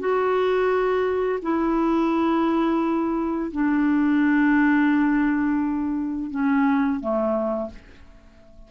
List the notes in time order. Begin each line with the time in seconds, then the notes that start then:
0.00 F#4
1.42 E4
3.52 D4
6.31 C#4
7.01 A3